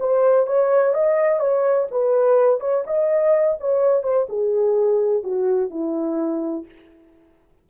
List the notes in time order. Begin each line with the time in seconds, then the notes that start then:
0.00 C5
0.47 C#5
0.94 D#5
1.40 C#5
1.91 B4
2.61 C#5
2.87 D#5
3.60 C#5
4.03 C5
4.29 G#4
5.24 F#4
5.70 E4